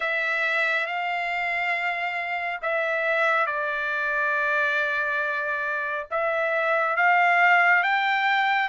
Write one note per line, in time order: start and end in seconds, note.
0.00 0.86 E5
0.86 2.60 F5
2.61 3.46 E5
3.46 6.07 D5
6.10 6.96 E5
6.96 7.83 F5
7.83 8.68 G5